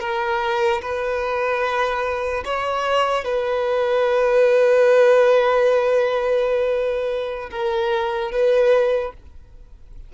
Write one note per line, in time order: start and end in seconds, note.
0.00 0.81 A#4
0.81 2.44 B4
2.45 3.24 C#5
3.24 7.50 B4
7.51 8.32 A#4
8.32 9.13 B4